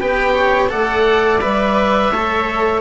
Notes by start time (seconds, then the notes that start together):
0.00 B3 G4 B4 G5
0.35 C#5
0.68 A3 A4 D5 F#5
1.41 G3 B4 E5
2.11 A3 A4 C#5